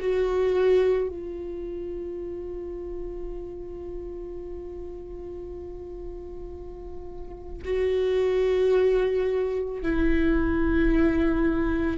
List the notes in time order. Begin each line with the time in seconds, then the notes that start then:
0.00 F#4
1.08 F4
7.64 F#4
9.82 E4